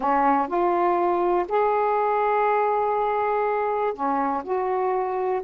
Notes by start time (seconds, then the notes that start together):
0.00 C#4
0.47 F4
1.48 G#4
3.93 C#4
4.43 F#4